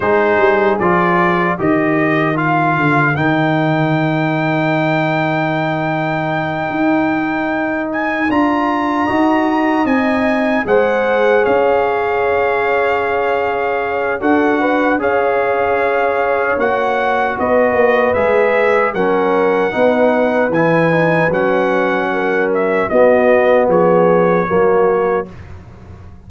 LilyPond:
<<
  \new Staff \with { instrumentName = "trumpet" } { \time 4/4 \tempo 4 = 76 c''4 d''4 dis''4 f''4 | g''1~ | g''2 gis''8 ais''4.~ | ais''8 gis''4 fis''4 f''4.~ |
f''2 fis''4 f''4~ | f''4 fis''4 dis''4 e''4 | fis''2 gis''4 fis''4~ | fis''8 e''8 dis''4 cis''2 | }
  \new Staff \with { instrumentName = "horn" } { \time 4/4 gis'2 ais'2~ | ais'1~ | ais'2.~ ais'8 dis''8~ | dis''4. c''4 cis''4.~ |
cis''2 a'8 b'8 cis''4~ | cis''2 b'2 | ais'4 b'2. | ais'4 fis'4 gis'4 fis'4 | }
  \new Staff \with { instrumentName = "trombone" } { \time 4/4 dis'4 f'4 g'4 f'4 | dis'1~ | dis'2~ dis'8 f'4 fis'8~ | fis'8 dis'4 gis'2~ gis'8~ |
gis'2 fis'4 gis'4~ | gis'4 fis'2 gis'4 | cis'4 dis'4 e'8 dis'8 cis'4~ | cis'4 b2 ais4 | }
  \new Staff \with { instrumentName = "tuba" } { \time 4/4 gis8 g8 f4 dis4. d8 | dis1~ | dis8 dis'2 d'4 dis'8~ | dis'8 c'4 gis4 cis'4.~ |
cis'2 d'4 cis'4~ | cis'4 ais4 b8 ais8 gis4 | fis4 b4 e4 fis4~ | fis4 b4 f4 fis4 | }
>>